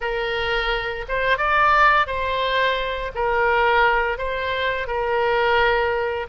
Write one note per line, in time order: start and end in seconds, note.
0.00 1.05 A#4
1.08 1.37 C5
1.37 2.06 D5
2.06 3.11 C5
3.14 4.18 A#4
4.18 4.87 C5
4.87 6.26 A#4